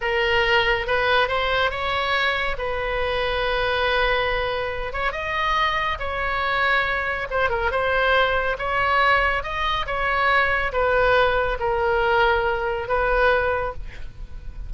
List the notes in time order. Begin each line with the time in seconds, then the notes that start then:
0.01 A#4
0.86 B4
1.28 C5
1.70 C#5
2.58 B4
4.93 C#5
5.12 D#5
5.99 C#5
7.30 C5
7.49 A#4
7.71 C5
8.58 C#5
9.43 D#5
9.86 C#5
10.72 B4
11.59 A#4
12.88 B4